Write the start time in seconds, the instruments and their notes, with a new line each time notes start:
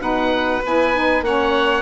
0.00 bassoon B2, saxophone D#4, violin B4, oboe F#5
0.65 bassoon B3, saxophone E4, oboe G#5
0.94 saxophone D#4
1.21 bassoon A#3, saxophone C#4, violin C#5, oboe F#5